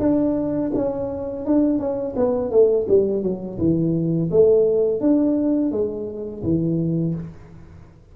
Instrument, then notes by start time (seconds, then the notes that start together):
tuba
0.00 D4
0.75 C#4
1.46 D4
1.79 C#4
2.17 B3
2.51 A3
2.89 G3
3.23 F#3
3.59 E3
4.31 A3
5.01 D4
5.72 G#3
6.44 E3